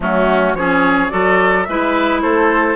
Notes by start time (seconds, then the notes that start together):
0.00 F#3 A3 C#4 F#4
0.53 F3 C#4 G#4 C#5
1.09 F#3 F#4 A4 D5
1.64 G#3 E4 B4 E5
2.21 A3 A4 C5